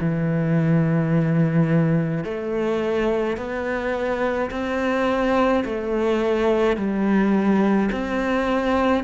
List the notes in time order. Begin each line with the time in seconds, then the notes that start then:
0.00 E3
2.24 A3
3.37 B3
4.50 C4
5.64 A3
6.76 G3
7.91 C4